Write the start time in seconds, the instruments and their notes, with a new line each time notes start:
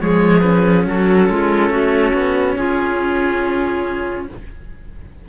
0.00 cello F3 G#3, clarinet G#4, oboe C#5
0.40 cello C#4, oboe B4
0.86 cello F#3, clarinet F#4, oboe A4
1.29 cello G#3, clarinet F4
1.70 cello A3, clarinet F#4
2.13 cello B3
2.56 cello C#4, clarinet F4, oboe G#4